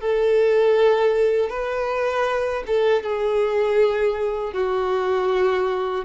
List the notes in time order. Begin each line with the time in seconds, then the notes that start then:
0.00 A4
1.49 B4
2.67 A4
3.03 G#4
4.53 F#4